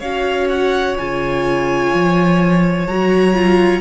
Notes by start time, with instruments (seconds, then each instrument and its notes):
0.00 cello C#4, viola F#4, violin C#5 F5
0.50 violin F#5
0.98 cello C#3, viola F4, violin G#5
1.94 cello F3
2.87 cello F#3, viola F#4, violin A#5
3.34 viola F4